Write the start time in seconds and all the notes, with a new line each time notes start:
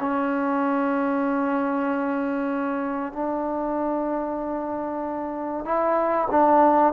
0.00 C#4
3.13 D4
5.65 E4
6.31 D4